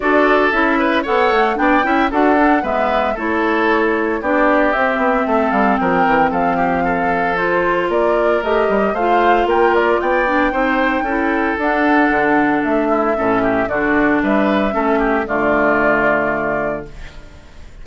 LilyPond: <<
  \new Staff \with { instrumentName = "flute" } { \time 4/4 \tempo 4 = 114 d''4 e''4 fis''4 g''4 | fis''4 e''4 cis''2 | d''4 e''4. f''8 g''4 | f''2 c''4 d''4 |
dis''4 f''4 g''8 d''8 g''4~ | g''2 fis''2 | e''2 d''4 e''4~ | e''4 d''2. | }
  \new Staff \with { instrumentName = "oboe" } { \time 4/4 a'4. b'8 cis''4 d''8 e''8 | a'4 b'4 a'2 | g'2 a'4 ais'4 | a'8 g'8 a'2 ais'4~ |
ais'4 c''4 ais'4 d''4 | c''4 a'2.~ | a'8 e'8 a'8 g'8 fis'4 b'4 | a'8 g'8 f'2. | }
  \new Staff \with { instrumentName = "clarinet" } { \time 4/4 fis'4 e'4 a'4 d'8 e'8 | fis'8 d'8 b4 e'2 | d'4 c'2.~ | c'2 f'2 |
g'4 f'2~ f'8 d'8 | dis'4 e'4 d'2~ | d'4 cis'4 d'2 | cis'4 a2. | }
  \new Staff \with { instrumentName = "bassoon" } { \time 4/4 d'4 cis'4 b8 a8 b8 cis'8 | d'4 gis4 a2 | b4 c'8 b8 a8 g8 f8 e8 | f2. ais4 |
a8 g8 a4 ais4 b4 | c'4 cis'4 d'4 d4 | a4 a,4 d4 g4 | a4 d2. | }
>>